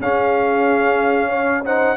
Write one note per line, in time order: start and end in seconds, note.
0.00 1.96 C#4
0.00 1.65 C#4
0.00 1.29 G#4
0.00 1.65 F5
1.29 1.61 C#5
1.65 1.97 D#4
1.65 1.97 C5
1.65 1.97 F#5